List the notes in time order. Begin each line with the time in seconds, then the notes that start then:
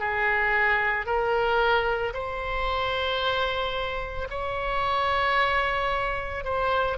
0.00 G#4
1.06 A#4
2.14 C5
4.30 C#5
6.45 C5